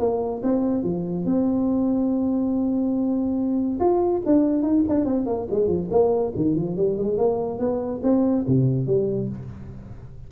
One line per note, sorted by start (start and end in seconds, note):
0.00 0.42 A#3
0.43 0.84 C4
0.84 1.26 F3
1.26 3.79 C4
3.80 4.22 F4
4.26 4.63 D4
4.63 4.84 D#4
4.89 5.06 D4
5.06 5.27 C4
5.27 5.48 A#3
5.51 5.68 G#3
5.68 5.89 F3
5.91 6.33 A#3
6.36 6.56 D#3
6.56 6.77 F3
6.77 6.98 G3
6.98 7.18 G#3
7.18 7.59 A#3
7.59 8.01 B3
8.04 8.46 C4
8.48 8.87 C3
8.87 9.29 G3